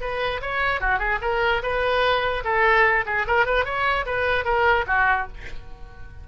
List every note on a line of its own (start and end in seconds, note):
0.00 0.41 B4
0.41 0.80 C#5
0.80 0.99 F#4
0.99 1.19 G#4
1.21 1.62 A#4
1.62 2.43 B4
2.44 3.05 A4
3.05 3.26 G#4
3.27 3.46 A#4
3.46 3.64 B4
3.64 4.05 C#5
4.06 4.44 B4
4.44 4.85 A#4
4.87 5.27 F#4